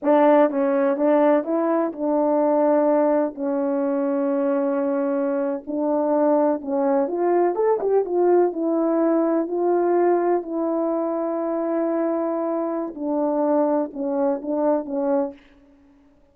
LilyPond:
\new Staff \with { instrumentName = "horn" } { \time 4/4 \tempo 4 = 125 d'4 cis'4 d'4 e'4 | d'2. cis'4~ | cis'2.~ cis'8. d'16~ | d'4.~ d'16 cis'4 f'4 a'16~ |
a'16 g'8 f'4 e'2 f'16~ | f'4.~ f'16 e'2~ e'16~ | e'2. d'4~ | d'4 cis'4 d'4 cis'4 | }